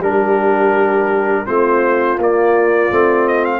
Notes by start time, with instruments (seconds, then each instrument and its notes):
0.00 tuba G3, trombone D4, horn G4, trumpet A#4
1.46 tuba A3, trombone C4, horn F4, trumpet C5
2.18 tuba A#3, trombone A#3, trumpet D5
2.91 tuba A3, trombone C4
3.28 trumpet D#5
3.45 trumpet F5